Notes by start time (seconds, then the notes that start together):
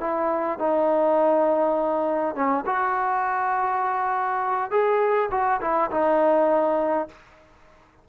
0.00 E4
0.58 D#4
2.35 C#4
2.66 F#4
4.71 G#4
5.31 F#4
5.61 E4
5.91 D#4